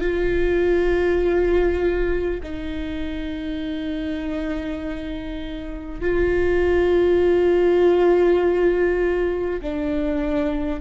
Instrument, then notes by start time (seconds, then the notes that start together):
viola
0.00 F4
2.43 D#4
6.01 F4
9.62 D4